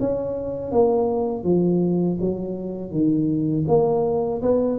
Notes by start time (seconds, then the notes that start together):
0.00 C#4
0.72 A#3
1.44 F3
2.21 F#3
2.92 D#3
3.68 A#3
4.42 B3